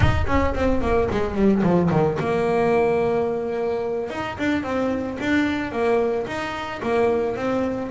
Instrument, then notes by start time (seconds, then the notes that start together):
double bass
0.00 D#4
0.27 C#4
0.54 C4
0.81 A#3
1.10 G#3
1.34 G3
1.62 F3
1.90 D#3
2.19 A#3
4.10 D#4
4.38 D4
4.63 C4
5.20 D4
5.71 A#3
6.26 D#4
6.82 A#3
7.36 C4